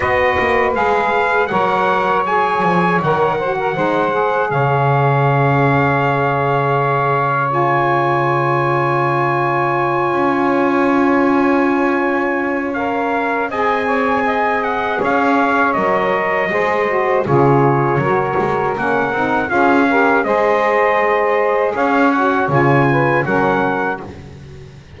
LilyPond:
<<
  \new Staff \with { instrumentName = "trumpet" } { \time 4/4 \tempo 4 = 80 dis''4 f''4 fis''4 gis''4 | fis''2 f''2~ | f''2 gis''2~ | gis''1~ |
gis''4 f''4 gis''4. fis''8 | f''4 dis''2 cis''4~ | cis''4 fis''4 f''4 dis''4~ | dis''4 f''8 fis''8 gis''4 fis''4 | }
  \new Staff \with { instrumentName = "saxophone" } { \time 4/4 b'2 cis''2~ | cis''8 c''16 ais'16 c''4 cis''2~ | cis''1~ | cis''1~ |
cis''2 dis''8 cis''8 dis''4 | cis''2 c''4 gis'4 | ais'2 gis'8 ais'8 c''4~ | c''4 cis''4. b'8 ais'4 | }
  \new Staff \with { instrumentName = "saxophone" } { \time 4/4 fis'4 gis'4 ais'4 gis'4 | ais'8 fis'8 dis'8 gis'2~ gis'8~ | gis'2 f'2~ | f'1~ |
f'4 ais'4 gis'2~ | gis'4 ais'4 gis'8 fis'8 f'4 | fis'4 cis'8 dis'8 f'8 g'8 gis'4~ | gis'4. fis'8 f'4 cis'4 | }
  \new Staff \with { instrumentName = "double bass" } { \time 4/4 b8 ais8 gis4 fis4. f8 | dis4 gis4 cis2~ | cis1~ | cis4. cis'2~ cis'8~ |
cis'2 c'2 | cis'4 fis4 gis4 cis4 | fis8 gis8 ais8 c'8 cis'4 gis4~ | gis4 cis'4 cis4 fis4 | }
>>